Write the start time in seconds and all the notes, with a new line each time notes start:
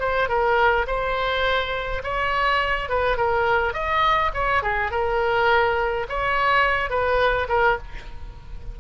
0.00 C5
0.29 A#4
0.87 C5
2.04 C#5
2.90 B4
3.17 A#4
3.74 D#5
4.34 C#5
4.63 G#4
4.91 A#4
6.09 C#5
6.90 B4
7.49 A#4